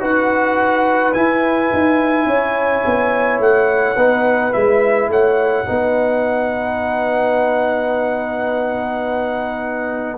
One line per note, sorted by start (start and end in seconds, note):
0.00 1.15 D#4
0.00 1.13 F#4
0.00 2.28 B4
0.00 1.14 F#5
1.14 3.97 E4
1.14 1.72 E4
1.14 3.40 G#5
1.74 2.26 D#4
2.26 2.83 C#4
2.26 3.96 C#5
2.86 3.40 B3
3.40 3.96 A3
3.40 4.54 F#5
3.96 4.54 B3
3.96 4.53 D#4
3.96 5.09 B4
4.53 5.09 G#3
4.53 5.66 E4
4.53 5.10 E5
5.09 5.65 A3
5.09 5.66 C#5
5.09 10.19 F#5
5.66 10.19 B3
5.66 10.19 D#4
5.66 10.19 B4